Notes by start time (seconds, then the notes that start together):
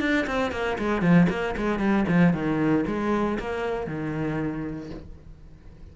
0.00 D4
0.27 C4
0.52 A#3
0.78 G#3
1.02 F3
1.30 A#3
1.57 G#3
1.79 G3
2.08 F3
2.33 D#3
2.87 G#3
3.39 A#3
3.87 D#3